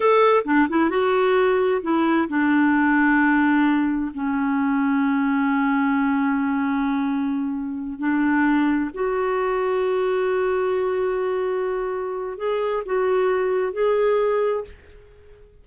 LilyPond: \new Staff \with { instrumentName = "clarinet" } { \time 4/4 \tempo 4 = 131 a'4 d'8 e'8 fis'2 | e'4 d'2.~ | d'4 cis'2.~ | cis'1~ |
cis'4. d'2 fis'8~ | fis'1~ | fis'2. gis'4 | fis'2 gis'2 | }